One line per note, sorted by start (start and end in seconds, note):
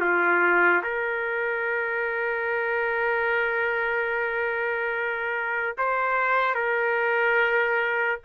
0.00 0.82 F4
0.83 5.76 A#4
5.77 6.54 C5
6.54 8.19 A#4